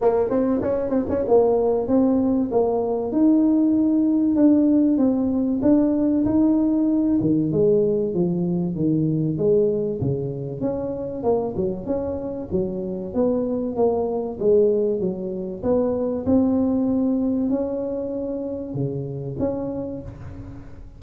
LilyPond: \new Staff \with { instrumentName = "tuba" } { \time 4/4 \tempo 4 = 96 ais8 c'8 cis'8 c'16 cis'16 ais4 c'4 | ais4 dis'2 d'4 | c'4 d'4 dis'4. dis8 | gis4 f4 dis4 gis4 |
cis4 cis'4 ais8 fis8 cis'4 | fis4 b4 ais4 gis4 | fis4 b4 c'2 | cis'2 cis4 cis'4 | }